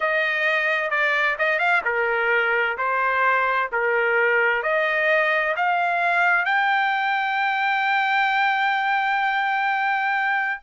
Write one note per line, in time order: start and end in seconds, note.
0.00 0.90 D#5
0.90 1.36 D5
1.38 1.58 D#5
1.58 1.81 F5
1.85 2.77 A#4
2.77 3.70 C5
3.72 4.62 A#4
4.62 5.55 D#5
5.56 6.45 F5
6.45 10.60 G5